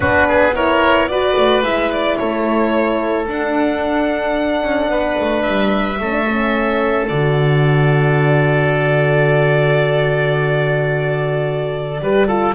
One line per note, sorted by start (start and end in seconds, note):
0.00 1.34 B3
0.00 0.54 D4
0.00 0.27 F#4
0.00 0.54 B4
0.28 0.55 G#4
0.54 1.09 E4
0.54 1.10 A#4
0.54 1.08 C#5
1.08 1.63 F#4
1.08 2.18 B4
1.08 1.63 D5
1.37 1.63 A3
1.63 2.17 G#3
1.63 3.27 E4
1.63 1.91 E5
1.91 2.17 D5
2.17 3.27 A3
2.17 4.90 A4
2.17 3.26 C#5
3.27 4.62 D4
3.27 6.00 D4
3.27 5.41 F#5
4.62 4.88 C#4
4.88 5.16 B3
4.88 5.99 B4
5.19 5.47 A3
5.41 6.00 G3
5.41 7.05 E5
6.00 7.09 A3
6.00 6.11 C#4
6.00 12.00 A4
6.11 6.25 D4
6.28 7.10 C#4
7.08 12.00 D3
7.08 12.01 F#4
7.08 12.53 D5
12.00 12.54 G3
12.00 12.28 G4
12.00 12.27 B4
12.27 12.54 F4
12.27 12.54 A4